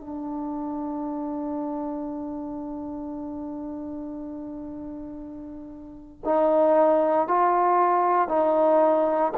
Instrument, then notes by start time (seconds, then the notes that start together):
trombone
0.00 D4
6.24 D#4
7.27 F4
8.28 D#4